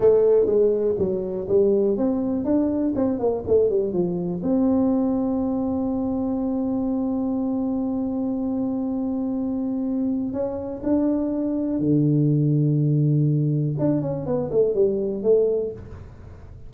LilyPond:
\new Staff \with { instrumentName = "tuba" } { \time 4/4 \tempo 4 = 122 a4 gis4 fis4 g4 | c'4 d'4 c'8 ais8 a8 g8 | f4 c'2.~ | c'1~ |
c'1~ | c'4 cis'4 d'2 | d1 | d'8 cis'8 b8 a8 g4 a4 | }